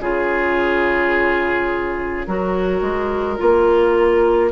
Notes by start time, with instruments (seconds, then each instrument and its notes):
0.00 bassoon C#3, clarinet F4, oboe G#4, flute C#5
2.27 bassoon F#3, clarinet F#4, oboe A#4
2.82 bassoon G#3
3.37 bassoon A#3, clarinet F4